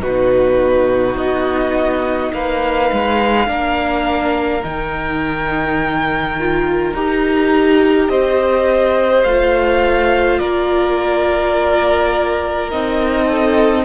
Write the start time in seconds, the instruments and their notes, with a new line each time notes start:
0.00 cello B2, viola D#4, violin F#4 B4
1.16 cello B3, violin D#5
2.32 cello A#3, violin B4 F5
2.92 cello G#3
3.46 cello A#3, viola D4, violin A#4
4.63 cello D#3, viola D#4, violin G5
6.39 viola F4
6.93 cello D#4, viola G4, violin A#5
8.08 cello C4, violin C5 D#5
9.23 cello A3, viola F4, violin F5
10.38 cello A#3, violin A#4 D5
12.70 cello C4, viola D#4, violin D#5
13.25 violin A4